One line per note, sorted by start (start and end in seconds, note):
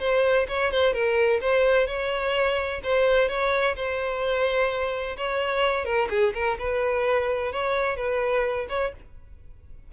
0.00 0.47 C5
0.49 0.72 C#5
0.72 0.94 C5
0.94 1.41 A#4
1.41 1.87 C5
1.87 2.81 C#5
2.84 3.29 C5
3.29 3.76 C#5
3.76 5.17 C5
5.17 5.85 C#5
5.85 6.09 A#4
6.10 6.34 G#4
6.35 6.58 A#4
6.59 7.52 B4
7.52 7.97 C#5
7.97 8.67 B4
8.69 8.93 C#5